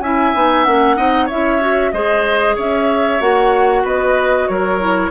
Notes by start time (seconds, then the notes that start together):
0.00 C#4 E4 E5 G#5
0.34 B3 D#4
0.64 A#3 C#4 F#5
0.96 C4 D#4 D#5
1.26 C#4 E4 C#5 E5
1.61 F#4
1.91 G#3 G#4 C5 D#5
2.55 C#4 C#5 E5
3.20 A#3 F#4 F#5
3.83 B3 B4 D#5
4.47 F#3 A#4 C#5
4.79 E4